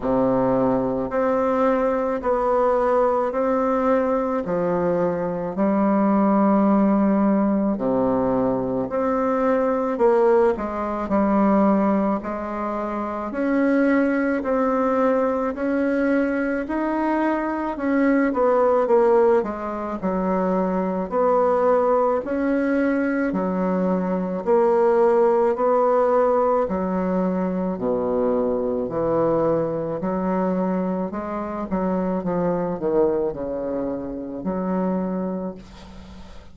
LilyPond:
\new Staff \with { instrumentName = "bassoon" } { \time 4/4 \tempo 4 = 54 c4 c'4 b4 c'4 | f4 g2 c4 | c'4 ais8 gis8 g4 gis4 | cis'4 c'4 cis'4 dis'4 |
cis'8 b8 ais8 gis8 fis4 b4 | cis'4 fis4 ais4 b4 | fis4 b,4 e4 fis4 | gis8 fis8 f8 dis8 cis4 fis4 | }